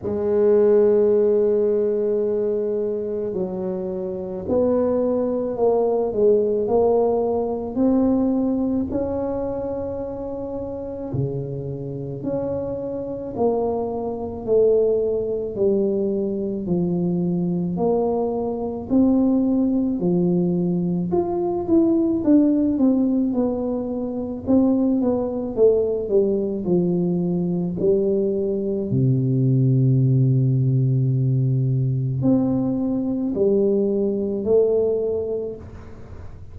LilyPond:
\new Staff \with { instrumentName = "tuba" } { \time 4/4 \tempo 4 = 54 gis2. fis4 | b4 ais8 gis8 ais4 c'4 | cis'2 cis4 cis'4 | ais4 a4 g4 f4 |
ais4 c'4 f4 f'8 e'8 | d'8 c'8 b4 c'8 b8 a8 g8 | f4 g4 c2~ | c4 c'4 g4 a4 | }